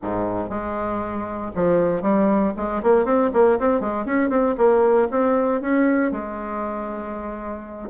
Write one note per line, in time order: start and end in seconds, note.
0.02 0.49 G#2
0.49 1.51 G#3
1.55 2.02 F3
2.02 2.52 G3
2.56 2.82 G#3
2.82 3.05 A#3
3.05 3.30 C4
3.33 3.58 A#3
3.59 3.80 C4
3.80 4.05 G#3
4.05 4.29 C#4
4.29 4.55 C4
4.57 5.08 A#3
5.11 5.61 C4
5.61 6.11 C#4
6.11 7.89 G#3